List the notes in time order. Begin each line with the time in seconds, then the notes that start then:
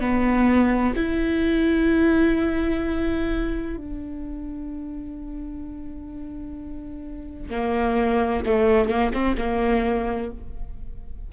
0.00 B3
0.96 E4
3.77 D4
7.50 A#3
8.46 A3
8.88 A#3
9.13 C4
9.37 A#3